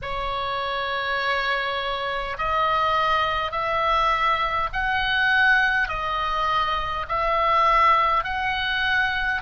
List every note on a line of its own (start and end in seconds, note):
0.02 2.37 C#5
2.37 3.51 D#5
3.51 4.69 E5
4.73 5.88 F#5
5.88 7.06 D#5
7.08 8.24 E5
8.24 9.41 F#5